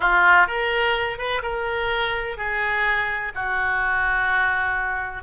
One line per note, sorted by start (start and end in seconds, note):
0.00 0.47 F4
0.47 1.18 A#4
1.18 1.41 B4
1.42 2.37 A#4
2.37 3.32 G#4
3.34 5.23 F#4